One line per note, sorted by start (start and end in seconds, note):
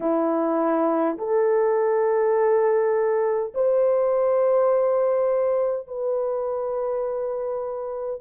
0.00 1.17 E4
1.18 3.53 A4
3.54 5.87 C5
5.87 8.21 B4